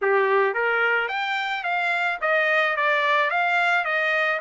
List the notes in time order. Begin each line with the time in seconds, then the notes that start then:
0.02 G4
0.54 A#4
1.08 G5
1.63 F5
2.21 D#5
2.76 D5
3.30 F5
3.85 D#5